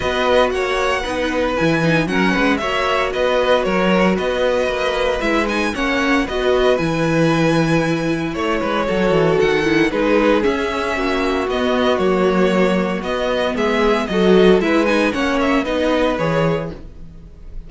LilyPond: <<
  \new Staff \with { instrumentName = "violin" } { \time 4/4 \tempo 4 = 115 dis''4 fis''2 gis''4 | fis''4 e''4 dis''4 cis''4 | dis''2 e''8 gis''8 fis''4 | dis''4 gis''2. |
cis''2 fis''4 b'4 | e''2 dis''4 cis''4~ | cis''4 dis''4 e''4 dis''4 | e''8 gis''8 fis''8 e''8 dis''4 cis''4 | }
  \new Staff \with { instrumentName = "violin" } { \time 4/4 b'4 cis''4 b'2 | ais'8 b'8 cis''4 b'4 ais'4 | b'2. cis''4 | b'1 |
cis''8 b'8 a'2 gis'4~ | gis'4 fis'2.~ | fis'2 gis'4 a'4 | b'4 cis''4 b'2 | }
  \new Staff \with { instrumentName = "viola" } { \time 4/4 fis'2 dis'4 e'8 dis'8 | cis'4 fis'2.~ | fis'2 e'8 dis'8 cis'4 | fis'4 e'2.~ |
e'4 fis'4. e'8 dis'4 | cis'2 b4 ais4~ | ais4 b2 fis'4 | e'8 dis'8 cis'4 dis'4 gis'4 | }
  \new Staff \with { instrumentName = "cello" } { \time 4/4 b4 ais4 b4 e4 | fis8 gis8 ais4 b4 fis4 | b4 ais4 gis4 ais4 | b4 e2. |
a8 gis8 fis8 e8 dis4 gis4 | cis'4 ais4 b4 fis4~ | fis4 b4 gis4 fis4 | gis4 ais4 b4 e4 | }
>>